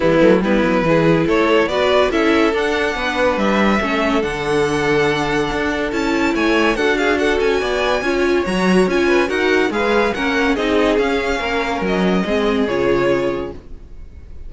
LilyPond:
<<
  \new Staff \with { instrumentName = "violin" } { \time 4/4 \tempo 4 = 142 e'4 b'2 cis''4 | d''4 e''4 fis''2 | e''2 fis''2~ | fis''2 a''4 gis''4 |
fis''8 f''8 fis''8 gis''2~ gis''8 | ais''4 gis''4 fis''4 f''4 | fis''4 dis''4 f''2 | dis''2 cis''2 | }
  \new Staff \with { instrumentName = "violin" } { \time 4/4 b4 e'4 gis'4 a'4 | b'4 a'2 b'4~ | b'4 a'2.~ | a'2. cis''4 |
a'8 gis'8 a'4 d''4 cis''4~ | cis''4. b'8 ais'4 b'4 | ais'4 gis'2 ais'4~ | ais'4 gis'2. | }
  \new Staff \with { instrumentName = "viola" } { \time 4/4 g8 a8 b4 e'2 | fis'4 e'4 d'2~ | d'4 cis'4 d'2~ | d'2 e'2 |
fis'2. f'4 | fis'4 f'4 fis'4 gis'4 | cis'4 dis'4 cis'2~ | cis'4 c'4 f'2 | }
  \new Staff \with { instrumentName = "cello" } { \time 4/4 e8 fis8 g8 fis8 e4 a4 | b4 cis'4 d'4 b4 | g4 a4 d2~ | d4 d'4 cis'4 a4 |
d'4. cis'8 b4 cis'4 | fis4 cis'4 dis'4 gis4 | ais4 c'4 cis'4 ais4 | fis4 gis4 cis2 | }
>>